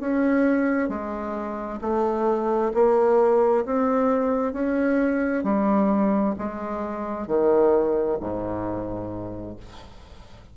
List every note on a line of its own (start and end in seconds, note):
0.00 0.89 C#4
0.89 1.80 G#3
1.81 2.72 A3
2.74 3.64 A#3
3.65 4.52 C4
4.52 5.43 C#4
5.43 6.34 G3
6.38 7.27 G#3
7.27 8.18 D#3
8.20 9.56 G#2